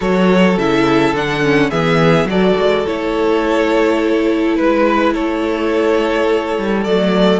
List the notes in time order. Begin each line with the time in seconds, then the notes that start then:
0.00 F#3 F#4 A4 C#5
0.57 C#3 E4 E5
1.13 D3 D4 F#5
1.42 C#4
1.70 E3 B3 G#4 E5
2.24 F#3 F#4 A4 D5
2.57 G#3
2.86 A3 E4 C#5
4.56 G#3 B4
5.13 A3 A4 C#5
6.57 G3
6.84 F#3 A3 D5